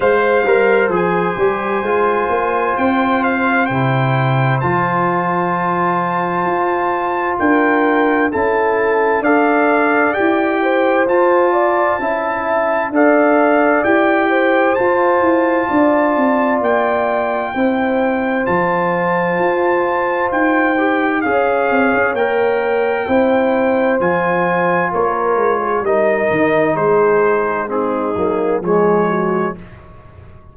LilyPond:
<<
  \new Staff \with { instrumentName = "trumpet" } { \time 4/4 \tempo 4 = 65 f''4 gis''2 g''8 f''8 | g''4 a''2. | g''4 a''4 f''4 g''4 | a''2 f''4 g''4 |
a''2 g''2 | a''2 g''4 f''4 | g''2 gis''4 cis''4 | dis''4 c''4 gis'4 cis''4 | }
  \new Staff \with { instrumentName = "horn" } { \time 4/4 c''1~ | c''1 | ais'4 a'4 d''4. c''8~ | c''8 d''8 e''4 d''4. c''8~ |
c''4 d''2 c''4~ | c''2. cis''4~ | cis''4 c''2 ais'8. gis'16 | ais'4 gis'4 dis'4 gis'8 fis'8 | }
  \new Staff \with { instrumentName = "trombone" } { \time 4/4 c''8 ais'8 gis'8 g'8 f'2 | e'4 f'2.~ | f'4 e'4 a'4 g'4 | f'4 e'4 a'4 g'4 |
f'2. e'4 | f'2~ f'8 g'8 gis'4 | ais'4 e'4 f'2 | dis'2 c'8 ais8 gis4 | }
  \new Staff \with { instrumentName = "tuba" } { \time 4/4 gis8 g8 f8 g8 gis8 ais8 c'4 | c4 f2 f'4 | d'4 cis'4 d'4 e'4 | f'4 cis'4 d'4 e'4 |
f'8 e'8 d'8 c'8 ais4 c'4 | f4 f'4 dis'4 cis'8 c'16 cis'16 | ais4 c'4 f4 ais8 gis8 | g8 dis8 gis4. fis8 f4 | }
>>